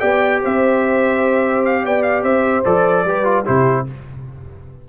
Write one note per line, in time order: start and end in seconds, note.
0.00 0.43 B3
0.00 2.64 G4
0.00 0.41 D5
0.00 0.41 G5
0.42 1.86 C4
0.42 1.84 C5
0.42 1.65 E5
1.65 1.85 F5
1.84 2.23 B3
1.84 2.24 D5
1.84 2.03 G5
2.03 2.23 F5
2.23 2.64 C4
2.23 3.05 C5
2.23 2.64 E5
2.65 3.05 F3
2.65 3.05 A4
2.65 3.46 D5
3.05 3.46 G3
3.05 3.24 G4
3.05 3.46 B4
3.24 3.45 F4
3.45 3.89 C3
3.45 3.86 E4
3.45 3.86 G4
3.45 3.86 C5